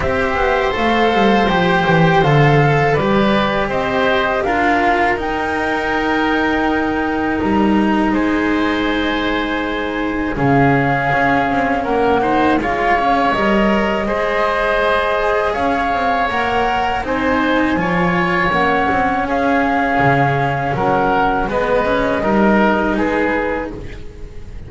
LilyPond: <<
  \new Staff \with { instrumentName = "flute" } { \time 4/4 \tempo 4 = 81 e''4 f''4 g''4 f''4 | d''4 dis''4 f''4 g''4~ | g''2 ais''4 gis''4~ | gis''2 f''2 |
fis''4 f''4 dis''2~ | dis''4 f''4 fis''4 gis''4~ | gis''4 fis''4 f''2 | fis''4 dis''2 b'4 | }
  \new Staff \with { instrumentName = "oboe" } { \time 4/4 c''1 | b'4 c''4 ais'2~ | ais'2. c''4~ | c''2 gis'2 |
ais'8 c''8 cis''2 c''4~ | c''4 cis''2 c''4 | cis''2 gis'2 | ais'4 b'4 ais'4 gis'4 | }
  \new Staff \with { instrumentName = "cello" } { \time 4/4 g'4 a'4 g'4 a'4 | g'2 f'4 dis'4~ | dis'1~ | dis'2 cis'2~ |
cis'8 dis'8 f'8 cis'8 ais'4 gis'4~ | gis'2 ais'4 dis'4 | f'4 cis'2.~ | cis'4 b8 cis'8 dis'2 | }
  \new Staff \with { instrumentName = "double bass" } { \time 4/4 c'8 b8 a8 g8 f8 e8 d4 | g4 c'4 d'4 dis'4~ | dis'2 g4 gis4~ | gis2 cis4 cis'8 c'8 |
ais4 gis4 g4 gis4~ | gis4 cis'8 c'8 ais4 c'4 | f4 ais8 c'8 cis'4 cis4 | fis4 gis4 g4 gis4 | }
>>